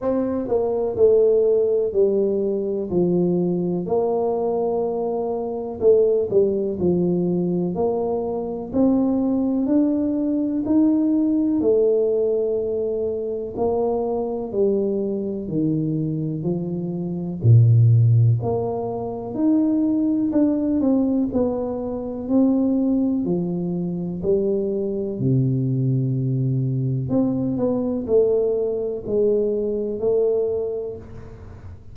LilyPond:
\new Staff \with { instrumentName = "tuba" } { \time 4/4 \tempo 4 = 62 c'8 ais8 a4 g4 f4 | ais2 a8 g8 f4 | ais4 c'4 d'4 dis'4 | a2 ais4 g4 |
dis4 f4 ais,4 ais4 | dis'4 d'8 c'8 b4 c'4 | f4 g4 c2 | c'8 b8 a4 gis4 a4 | }